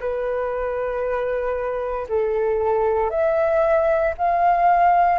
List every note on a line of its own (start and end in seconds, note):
0.00 2.07 B4
2.09 3.10 A4
3.10 4.14 E5
4.18 5.19 F5